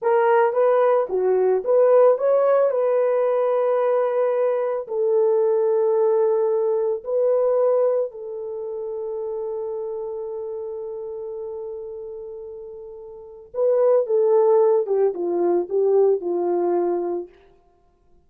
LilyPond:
\new Staff \with { instrumentName = "horn" } { \time 4/4 \tempo 4 = 111 ais'4 b'4 fis'4 b'4 | cis''4 b'2.~ | b'4 a'2.~ | a'4 b'2 a'4~ |
a'1~ | a'1~ | a'4 b'4 a'4. g'8 | f'4 g'4 f'2 | }